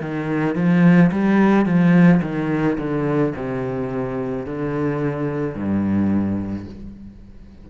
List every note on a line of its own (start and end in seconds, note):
0.00 0.55 D#3
0.55 1.11 F3
1.11 1.65 G3
1.65 2.21 F3
2.22 2.77 D#3
2.78 3.33 D3
3.35 4.45 C3
4.45 5.55 D3
5.55 6.66 G2